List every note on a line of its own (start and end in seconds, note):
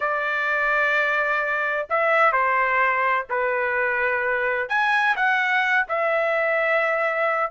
0.00 1.87 D5
1.89 2.32 E5
2.32 3.26 C5
3.29 4.69 B4
4.69 5.15 G#5
5.16 5.86 F#5
5.88 7.50 E5